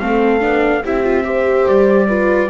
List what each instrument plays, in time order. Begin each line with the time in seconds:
0.00 double bass A3, viola C4, horn A4, trumpet F5
0.40 double bass B3, viola D4
0.83 double bass C4, viola E4, horn G4, trumpet E5
1.03 viola F4
1.24 viola G4, horn C5
1.68 double bass G3, trumpet D5
2.08 viola F4, horn B4